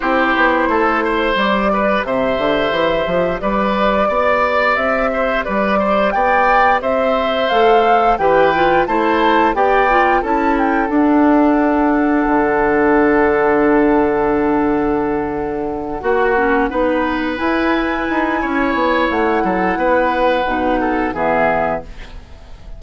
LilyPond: <<
  \new Staff \with { instrumentName = "flute" } { \time 4/4 \tempo 4 = 88 c''2 d''4 e''4~ | e''4 d''2 e''4 | d''4 g''4 e''4 f''4 | g''4 a''4 g''4 a''8 g''8 |
fis''1~ | fis''1~ | fis''4. gis''2~ gis''8 | fis''2. e''4 | }
  \new Staff \with { instrumentName = "oboe" } { \time 4/4 g'4 a'8 c''4 b'8 c''4~ | c''4 b'4 d''4. c''8 | b'8 c''8 d''4 c''2 | b'4 c''4 d''4 a'4~ |
a'1~ | a'2.~ a'8 fis'8~ | fis'8 b'2~ b'8 cis''4~ | cis''8 a'8 b'4. a'8 gis'4 | }
  \new Staff \with { instrumentName = "clarinet" } { \time 4/4 e'2 g'2~ | g'1~ | g'2. a'4 | g'8 f'8 e'4 g'8 f'8 e'4 |
d'1~ | d'2.~ d'8 fis'8 | cis'8 dis'4 e'2~ e'8~ | e'2 dis'4 b4 | }
  \new Staff \with { instrumentName = "bassoon" } { \time 4/4 c'8 b8 a4 g4 c8 d8 | e8 f8 g4 b4 c'4 | g4 b4 c'4 a4 | e4 a4 b4 cis'4 |
d'2 d2~ | d2.~ d8 ais8~ | ais8 b4 e'4 dis'8 cis'8 b8 | a8 fis8 b4 b,4 e4 | }
>>